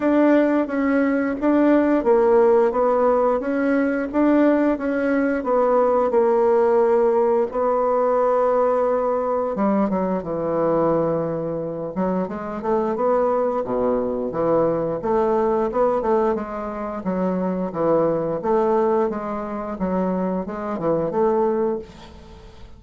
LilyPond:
\new Staff \with { instrumentName = "bassoon" } { \time 4/4 \tempo 4 = 88 d'4 cis'4 d'4 ais4 | b4 cis'4 d'4 cis'4 | b4 ais2 b4~ | b2 g8 fis8 e4~ |
e4. fis8 gis8 a8 b4 | b,4 e4 a4 b8 a8 | gis4 fis4 e4 a4 | gis4 fis4 gis8 e8 a4 | }